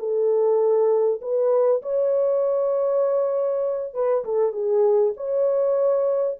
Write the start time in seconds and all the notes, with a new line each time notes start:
0.00 A4
1.22 B4
1.82 C#5
3.94 B4
4.25 A4
4.53 G#4
5.17 C#5